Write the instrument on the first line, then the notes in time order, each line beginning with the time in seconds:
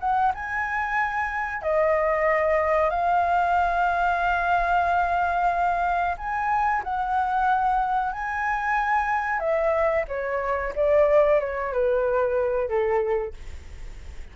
flute
0.00 F#5
0.34 G#5
1.62 D#5
2.90 F5
6.18 G#5
6.84 F#5
8.12 G#5
9.39 E5
10.08 C#5
10.76 D5
11.40 C#5
11.73 B4
12.68 A4